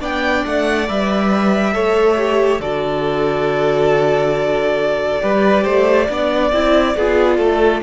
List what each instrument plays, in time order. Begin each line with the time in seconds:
0.00 cello B3, viola D4, violin D5 G5
0.46 cello A3, violin F#5
0.88 cello G3, viola B4, violin E5
1.74 cello A3, viola A4, violin C#5
2.18 viola G4
2.60 cello D3, viola F#4, violin A4 D5
5.21 cello G3, viola G4, violin B4
5.64 cello A3, violin C5
6.10 cello B3, viola D4, violin D5
6.53 cello C4, viola E4
6.97 cello B3, viola F4, violin G#4
7.38 cello A3, violin A4